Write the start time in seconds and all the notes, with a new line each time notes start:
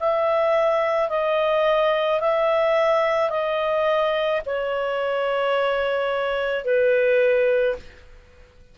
0.00 E5
1.09 D#5
2.20 E5
3.30 D#5
4.46 C#5
6.65 B4